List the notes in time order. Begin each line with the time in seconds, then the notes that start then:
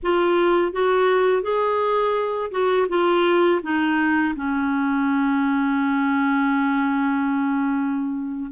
0.02 F4
0.72 F#4
1.42 G#4
2.51 F#4
2.88 F4
3.62 D#4
4.35 C#4